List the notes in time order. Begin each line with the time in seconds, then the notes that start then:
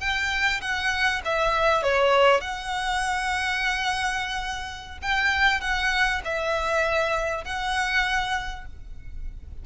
0.00 G5
0.61 F#5
1.25 E5
1.82 C#5
2.41 F#5
5.02 G5
5.61 F#5
6.24 E5
7.44 F#5